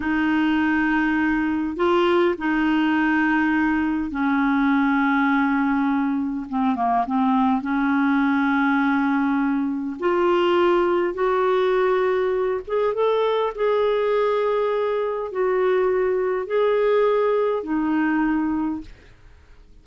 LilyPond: \new Staff \with { instrumentName = "clarinet" } { \time 4/4 \tempo 4 = 102 dis'2. f'4 | dis'2. cis'4~ | cis'2. c'8 ais8 | c'4 cis'2.~ |
cis'4 f'2 fis'4~ | fis'4. gis'8 a'4 gis'4~ | gis'2 fis'2 | gis'2 dis'2 | }